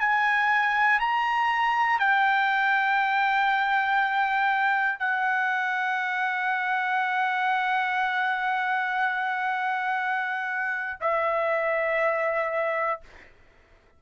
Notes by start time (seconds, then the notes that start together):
0.00 G#5
1.00 A#5
2.00 G5
5.00 F#5
11.01 E5